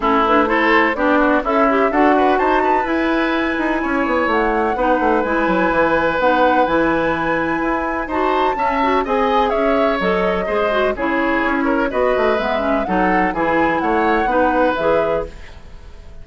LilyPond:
<<
  \new Staff \with { instrumentName = "flute" } { \time 4/4 \tempo 4 = 126 a'8 b'8 c''4 d''4 e''4 | fis''4 a''4 gis''2~ | gis''4 fis''2 gis''4~ | gis''4 fis''4 gis''2~ |
gis''4 a''2 gis''4 | e''4 dis''2 cis''4~ | cis''4 dis''4 e''4 fis''4 | gis''4 fis''2 e''4 | }
  \new Staff \with { instrumentName = "oboe" } { \time 4/4 e'4 a'4 g'8 fis'8 e'4 | a'8 b'8 c''8 b'2~ b'8 | cis''2 b'2~ | b'1~ |
b'4 c''4 e''4 dis''4 | cis''2 c''4 gis'4~ | gis'8 ais'8 b'2 a'4 | gis'4 cis''4 b'2 | }
  \new Staff \with { instrumentName = "clarinet" } { \time 4/4 cis'8 d'8 e'4 d'4 a'8 g'8 | fis'2 e'2~ | e'2 dis'4 e'4~ | e'4 dis'4 e'2~ |
e'4 fis'4 cis'8 fis'8 gis'4~ | gis'4 a'4 gis'8 fis'8 e'4~ | e'4 fis'4 b8 cis'8 dis'4 | e'2 dis'4 gis'4 | }
  \new Staff \with { instrumentName = "bassoon" } { \time 4/4 a2 b4 cis'4 | d'4 dis'4 e'4. dis'8 | cis'8 b8 a4 b8 a8 gis8 fis8 | e4 b4 e2 |
e'4 dis'4 cis'4 c'4 | cis'4 fis4 gis4 cis4 | cis'4 b8 a8 gis4 fis4 | e4 a4 b4 e4 | }
>>